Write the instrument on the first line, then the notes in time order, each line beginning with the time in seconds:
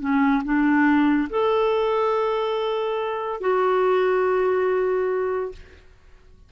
clarinet
0.00 C#4
0.44 D4
1.30 A4
3.40 F#4